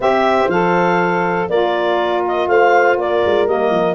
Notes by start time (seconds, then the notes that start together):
0.00 C4 G4 C5 E5
0.48 F3 A4 F5
1.48 A#3 F4 A#4 D5
2.27 D#5
2.47 A3 C5 F5
2.97 A#3 A#4 D5
3.25 G#3
3.46 G3 A#3 D#5
3.70 F3